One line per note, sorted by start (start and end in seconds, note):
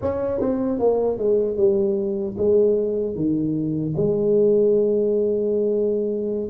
0.01 0.40 C#4
0.40 0.79 C4
0.79 1.18 A#3
1.18 1.56 G#3
1.56 2.35 G3
2.37 3.15 G#3
3.15 3.94 D#3
3.96 6.49 G#3